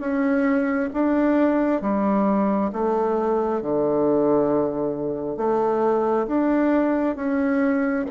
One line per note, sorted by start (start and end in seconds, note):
0.00 0.90 C#4
0.94 1.82 D4
1.82 2.71 G3
2.73 3.62 A3
3.62 5.37 D3
5.37 6.27 A3
6.27 7.16 D4
7.16 8.06 C#4